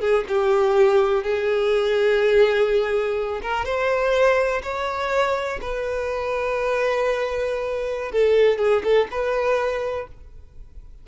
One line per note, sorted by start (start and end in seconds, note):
0.00 0.24 G#4
0.28 1.23 G4
1.23 3.41 G#4
3.42 3.65 A#4
3.65 4.62 C5
4.63 5.60 C#5
5.61 8.12 B4
8.12 8.58 A4
8.58 8.82 G#4
8.84 9.08 A4
9.11 10.08 B4